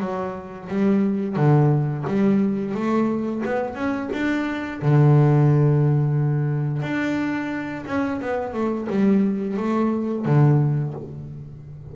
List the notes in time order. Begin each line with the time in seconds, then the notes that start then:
0.00 F#3
0.68 G3
1.36 D3
2.07 G3
2.74 A3
3.45 B3
3.75 C#4
4.13 D4
4.82 D3
6.82 D4
7.86 C#4
8.21 B3
8.53 A3
8.89 G3
9.57 A3
10.25 D3